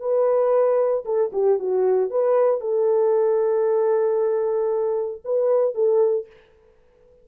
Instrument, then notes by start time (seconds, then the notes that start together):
horn
0.00 B4
1.05 A4
1.33 G4
1.59 F#4
2.10 B4
2.61 A4
5.25 B4
5.75 A4